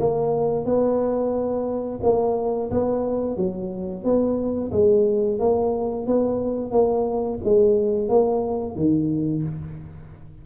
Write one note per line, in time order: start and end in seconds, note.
0.00 0.66 A#3
0.66 2.00 B3
2.03 2.71 A#3
2.72 3.37 B3
3.37 4.04 F#3
4.04 4.72 B3
4.72 5.40 G#3
5.40 6.07 A#3
6.07 6.72 B3
6.72 7.39 A#3
7.44 8.09 G#3
8.09 8.76 A#3
8.76 9.43 D#3